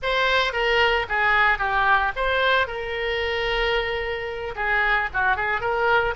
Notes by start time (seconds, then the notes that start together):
0.02 C5
0.53 A#4
1.08 G#4
1.58 G4
2.16 C5
2.67 A#4
4.55 G#4
5.13 F#4
5.36 G#4
5.60 A#4